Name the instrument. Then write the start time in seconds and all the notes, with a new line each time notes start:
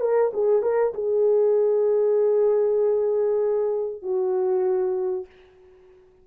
horn
0.00 A#4
0.33 G#4
0.62 A#4
0.94 G#4
4.02 F#4